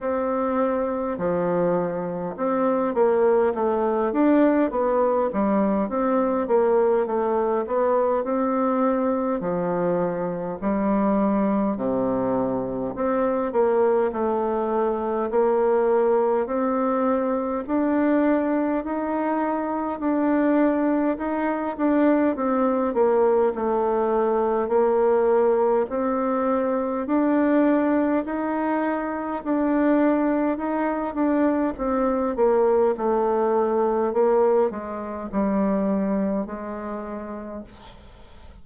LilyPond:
\new Staff \with { instrumentName = "bassoon" } { \time 4/4 \tempo 4 = 51 c'4 f4 c'8 ais8 a8 d'8 | b8 g8 c'8 ais8 a8 b8 c'4 | f4 g4 c4 c'8 ais8 | a4 ais4 c'4 d'4 |
dis'4 d'4 dis'8 d'8 c'8 ais8 | a4 ais4 c'4 d'4 | dis'4 d'4 dis'8 d'8 c'8 ais8 | a4 ais8 gis8 g4 gis4 | }